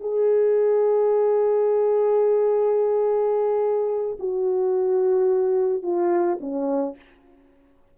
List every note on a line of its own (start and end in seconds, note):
0.00 4.17 G#4
4.19 5.83 F#4
5.83 6.38 F4
6.40 6.96 C#4